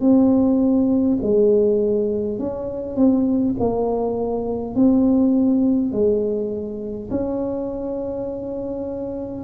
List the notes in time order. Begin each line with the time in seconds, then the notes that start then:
0.00 C4
1.22 G#3
2.39 C#4
2.96 C4
3.59 A#3
4.75 C4
5.91 G#3
7.10 C#4